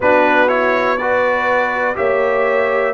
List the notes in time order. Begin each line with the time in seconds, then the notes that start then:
0.00 B3 D4 F#4 B4
0.48 E4 C#5
0.97 F#4 B4 D5
1.95 A#3 G4 C#5 E5